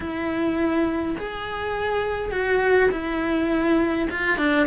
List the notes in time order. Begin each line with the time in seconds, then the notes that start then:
0.00 E4
1.18 G#4
2.31 F#4
2.91 E4
4.10 F4
4.37 D4